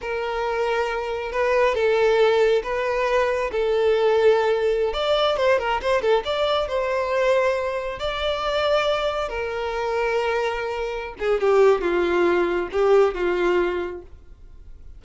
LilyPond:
\new Staff \with { instrumentName = "violin" } { \time 4/4 \tempo 4 = 137 ais'2. b'4 | a'2 b'2 | a'2.~ a'16 d''8.~ | d''16 c''8 ais'8 c''8 a'8 d''4 c''8.~ |
c''2~ c''16 d''4.~ d''16~ | d''4~ d''16 ais'2~ ais'8.~ | ais'4. gis'8 g'4 f'4~ | f'4 g'4 f'2 | }